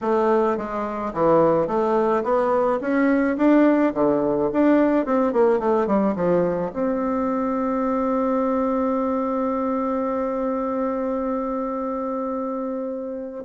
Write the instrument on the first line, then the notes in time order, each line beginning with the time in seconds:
bassoon
0.01 A3
0.57 G#3
1.13 E3
1.67 A3
2.23 B3
2.80 C#4
3.37 D4
3.94 D3
4.52 D4
5.05 C4
5.32 A#3
5.59 A3
5.86 G3
6.15 F3
6.73 C4